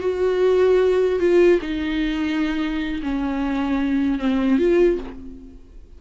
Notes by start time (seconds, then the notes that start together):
0.00 F#4
1.19 F4
1.62 D#4
3.03 C#4
4.19 C4
4.59 F4